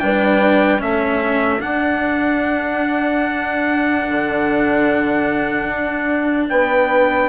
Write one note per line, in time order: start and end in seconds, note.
0.00 0.82 G3
0.00 0.79 D4
0.00 0.83 B4
0.00 0.81 G5
0.79 1.62 A3
0.79 1.60 C#4
0.79 6.51 A4
0.79 1.61 E5
1.60 7.28 D4
1.60 4.05 D4
1.60 6.48 F#5
4.08 5.68 D3
5.68 6.49 D4
6.50 7.29 B3
6.50 7.29 B4
6.50 7.29 G5